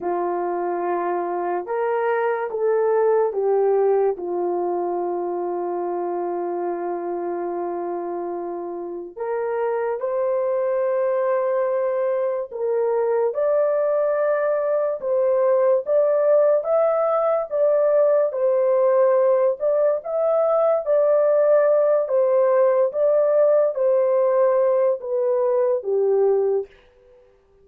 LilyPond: \new Staff \with { instrumentName = "horn" } { \time 4/4 \tempo 4 = 72 f'2 ais'4 a'4 | g'4 f'2.~ | f'2. ais'4 | c''2. ais'4 |
d''2 c''4 d''4 | e''4 d''4 c''4. d''8 | e''4 d''4. c''4 d''8~ | d''8 c''4. b'4 g'4 | }